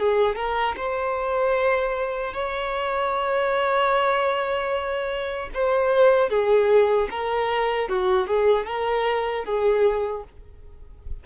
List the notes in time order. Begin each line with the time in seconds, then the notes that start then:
0.00 G#4
0.36 A#4
0.78 C5
2.34 C#5
5.54 C5
6.30 G#4
7.11 A#4
7.89 F#4
8.28 G#4
8.66 A#4
9.45 G#4